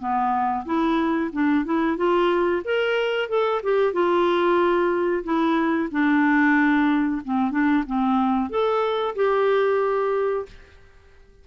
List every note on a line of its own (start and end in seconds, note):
0.00 0.65 B3
0.66 1.31 E4
1.33 1.65 D4
1.65 1.97 E4
1.97 2.63 F4
2.65 3.29 A#4
3.29 3.62 A4
3.63 3.93 G4
3.93 5.24 F4
5.24 5.89 E4
5.92 7.22 D4
7.25 7.51 C4
7.51 7.84 D4
7.87 8.50 C4
8.50 9.15 A4
9.16 10.46 G4